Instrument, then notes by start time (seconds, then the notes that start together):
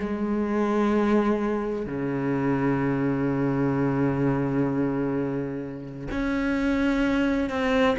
cello
0.00 G#3
1.86 C#3
6.12 C#4
7.50 C4